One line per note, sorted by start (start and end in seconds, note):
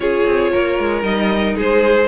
0.00 0.24 C#4
0.00 1.02 F4
0.00 0.52 G#4
0.00 1.03 C#5
0.26 0.52 C4
0.52 0.78 A#3
0.52 1.56 A#4
0.78 1.02 G#3
1.02 1.54 G3
1.02 2.06 D#4
1.02 1.55 D#5
1.56 2.07 G#3
1.56 2.07 G#4
1.56 2.07 C5